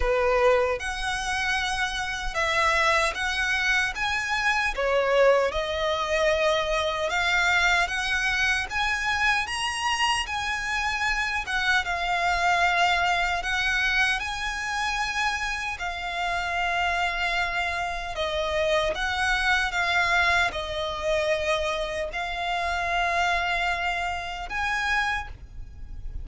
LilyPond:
\new Staff \with { instrumentName = "violin" } { \time 4/4 \tempo 4 = 76 b'4 fis''2 e''4 | fis''4 gis''4 cis''4 dis''4~ | dis''4 f''4 fis''4 gis''4 | ais''4 gis''4. fis''8 f''4~ |
f''4 fis''4 gis''2 | f''2. dis''4 | fis''4 f''4 dis''2 | f''2. gis''4 | }